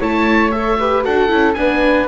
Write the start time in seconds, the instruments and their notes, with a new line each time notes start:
0.00 double bass A3, viola E4, flute C#5, oboe A5
0.52 viola A4, oboe E5
0.79 viola G4, flute B4
1.04 double bass D4, viola F#4, flute A4, oboe F#5
1.29 double bass C#4, viola E4
1.54 double bass B3, viola D4, oboe G#5
1.60 flute B4